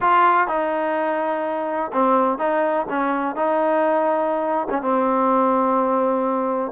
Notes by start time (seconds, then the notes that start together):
0.00 F4
0.47 D#4
1.92 C4
2.38 D#4
2.89 C#4
3.35 D#4
4.70 C#4
4.82 C4